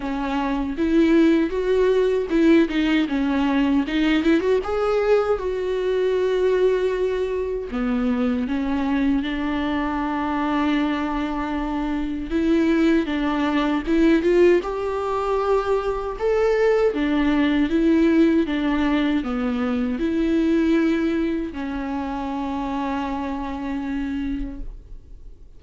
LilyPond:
\new Staff \with { instrumentName = "viola" } { \time 4/4 \tempo 4 = 78 cis'4 e'4 fis'4 e'8 dis'8 | cis'4 dis'8 e'16 fis'16 gis'4 fis'4~ | fis'2 b4 cis'4 | d'1 |
e'4 d'4 e'8 f'8 g'4~ | g'4 a'4 d'4 e'4 | d'4 b4 e'2 | cis'1 | }